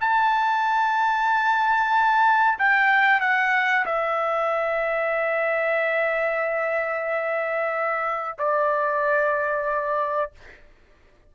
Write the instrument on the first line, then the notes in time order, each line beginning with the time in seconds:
trumpet
0.00 A5
2.58 G5
3.20 F#5
3.85 E5
8.38 D5